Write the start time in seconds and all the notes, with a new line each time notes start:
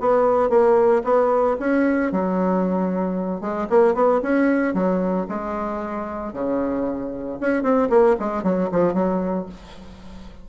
0.00 B3
0.50 A#3
1.04 B3
1.60 C#4
2.12 F#3
3.41 G#3
3.70 A#3
3.95 B3
4.23 C#4
4.74 F#3
5.29 G#3
6.33 C#3
7.41 C#4
7.63 C4
7.90 A#3
8.20 G#3
8.44 F#3
8.72 F3
8.94 F#3